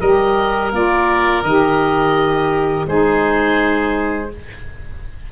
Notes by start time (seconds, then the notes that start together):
0.00 G3 G4 A#4 D#5
0.71 A#3 F4 D5
1.43 D#3 G4 D#5
2.86 G#3 D#4 G#4 C5